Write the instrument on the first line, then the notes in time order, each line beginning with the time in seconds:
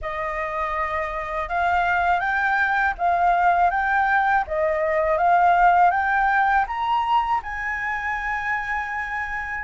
flute
0.01 D#5
1.48 F5
2.20 G5
2.98 F5
3.70 G5
4.47 D#5
5.17 F5
5.91 G5
6.67 A#5
7.43 G#5